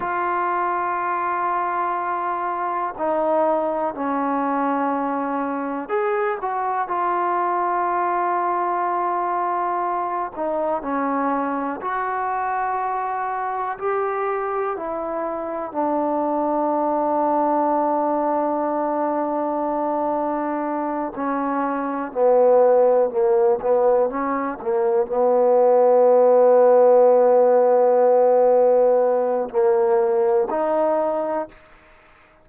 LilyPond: \new Staff \with { instrumentName = "trombone" } { \time 4/4 \tempo 4 = 61 f'2. dis'4 | cis'2 gis'8 fis'8 f'4~ | f'2~ f'8 dis'8 cis'4 | fis'2 g'4 e'4 |
d'1~ | d'4. cis'4 b4 ais8 | b8 cis'8 ais8 b2~ b8~ | b2 ais4 dis'4 | }